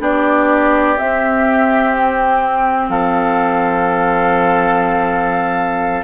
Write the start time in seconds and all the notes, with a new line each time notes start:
0.00 B3 D4 G4 D5
0.98 C4 E5
1.97 G5
2.89 F3 A4 F5